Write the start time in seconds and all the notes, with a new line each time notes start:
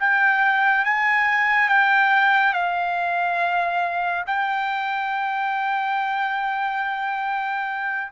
0.00 G5
0.85 G#5
1.69 G5
2.54 F5
4.27 G5